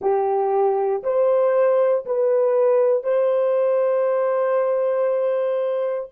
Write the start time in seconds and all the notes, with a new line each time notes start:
0.00 G4
1.03 C5
2.05 B4
3.03 C5